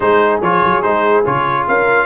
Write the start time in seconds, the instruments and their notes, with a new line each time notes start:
0.00 tuba G#3, trombone D#4, horn G#4, trumpet C5
0.41 tuba F3, trombone F4, trumpet C#5
0.63 tuba F#3
0.82 tuba G#3, trombone D#4, trumpet C5
1.25 tuba C#3, trombone F4, trumpet C#5
1.67 tuba C#4, horn A#4, trumpet F5